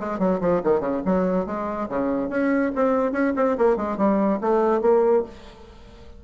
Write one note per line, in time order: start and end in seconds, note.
0.00 0.19 G#3
0.19 0.40 F#3
0.41 0.62 F3
0.64 0.80 D#3
0.80 1.01 C#3
1.05 1.46 F#3
1.46 1.88 G#3
1.89 2.30 C#3
2.30 2.72 C#4
2.76 3.12 C4
3.12 3.33 C#4
3.37 3.58 C4
3.58 3.77 A#3
3.77 3.98 G#3
3.98 4.40 G3
4.41 4.82 A3
4.82 5.24 A#3